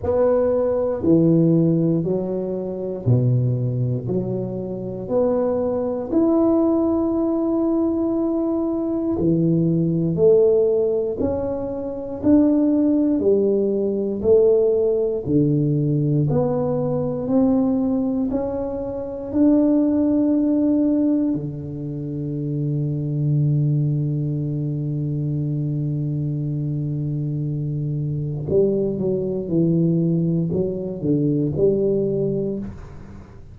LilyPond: \new Staff \with { instrumentName = "tuba" } { \time 4/4 \tempo 4 = 59 b4 e4 fis4 b,4 | fis4 b4 e'2~ | e'4 e4 a4 cis'4 | d'4 g4 a4 d4 |
b4 c'4 cis'4 d'4~ | d'4 d2.~ | d1 | g8 fis8 e4 fis8 d8 g4 | }